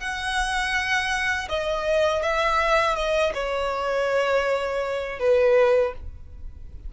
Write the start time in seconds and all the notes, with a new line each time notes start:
0.00 F#5
1.48 D#5
2.22 E5
2.96 D#5
3.34 C#5
5.19 B4